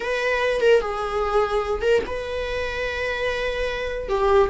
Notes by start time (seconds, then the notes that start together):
0.00 B4
0.60 A#4
0.80 G#4
1.81 A#4
2.06 B4
4.08 G4